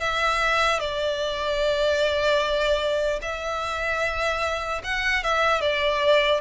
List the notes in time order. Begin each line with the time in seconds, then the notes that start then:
0.00 E5
0.79 D5
3.21 E5
4.84 F#5
5.23 E5
5.61 D5